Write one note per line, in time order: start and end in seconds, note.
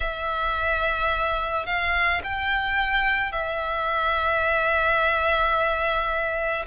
0.00 1.66 E5
1.66 2.21 F5
2.23 3.32 G5
3.32 6.65 E5